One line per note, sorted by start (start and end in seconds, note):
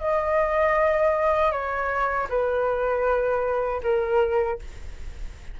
0.00 1.52 D#5
1.52 2.28 C#5
2.29 3.81 B4
3.83 4.59 A#4